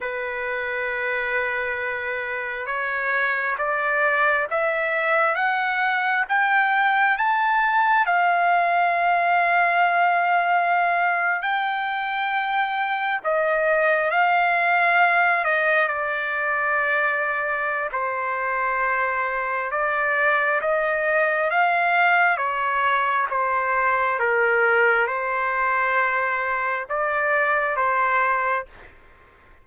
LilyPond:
\new Staff \with { instrumentName = "trumpet" } { \time 4/4 \tempo 4 = 67 b'2. cis''4 | d''4 e''4 fis''4 g''4 | a''4 f''2.~ | f''8. g''2 dis''4 f''16~ |
f''4~ f''16 dis''8 d''2~ d''16 | c''2 d''4 dis''4 | f''4 cis''4 c''4 ais'4 | c''2 d''4 c''4 | }